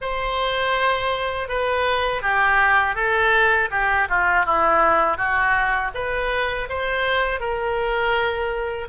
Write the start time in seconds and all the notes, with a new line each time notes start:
0.01 C5
1.48 B4
2.22 G4
2.95 A4
3.70 G4
4.09 F4
4.45 E4
5.17 F#4
5.94 B4
6.69 C5
7.39 A#4